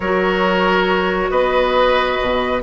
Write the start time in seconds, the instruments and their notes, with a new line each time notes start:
0.00 bassoon F#3, clarinet F#4, oboe A#4, flute C#5
1.30 bassoon B3, oboe B4, flute D#5
2.21 bassoon B2